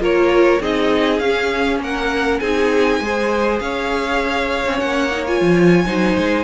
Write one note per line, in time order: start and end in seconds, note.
0.00 0.60 A#3
0.00 0.60 F4
0.00 0.61 A#4
0.00 0.62 C#5
0.60 1.20 C4
0.60 1.21 D#4
0.60 1.81 G#4
0.60 1.20 D#5
1.20 1.80 C#4
1.20 2.43 C#4
1.20 1.79 F5
1.80 2.40 A#3
1.80 2.41 A#4
1.80 2.40 F#5
2.40 3.00 C4
2.40 3.03 D#4
2.40 3.01 G#4
2.40 3.59 G#5
3.00 3.60 G#3
3.00 4.66 G#4
3.00 3.62 C5
3.59 4.65 C#4
3.59 5.86 C#5
3.59 4.79 F5
4.66 4.81 C4
4.66 5.11 C#4
4.79 5.41 A#3
4.79 5.24 F#5
5.11 5.26 D#4
5.27 5.86 F4
5.27 6.44 G#5
5.41 5.86 F3
5.86 6.17 F#3
5.86 6.44 D#4
5.86 6.44 C5
6.18 6.44 G#3